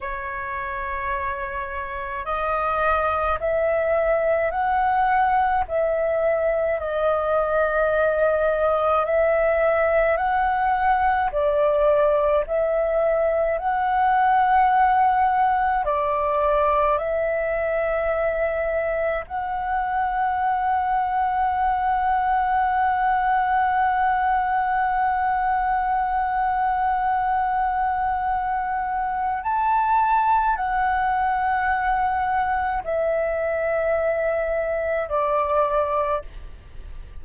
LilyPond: \new Staff \with { instrumentName = "flute" } { \time 4/4 \tempo 4 = 53 cis''2 dis''4 e''4 | fis''4 e''4 dis''2 | e''4 fis''4 d''4 e''4 | fis''2 d''4 e''4~ |
e''4 fis''2.~ | fis''1~ | fis''2 a''4 fis''4~ | fis''4 e''2 d''4 | }